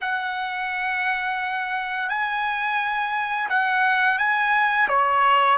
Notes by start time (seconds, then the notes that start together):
0.01 F#5
2.09 G#5
3.49 F#5
4.18 G#5
4.88 C#5